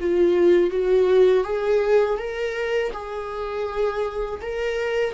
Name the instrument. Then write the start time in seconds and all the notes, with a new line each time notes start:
viola
0.00 F4
0.70 F#4
1.44 G#4
2.18 A#4
2.92 G#4
4.41 A#4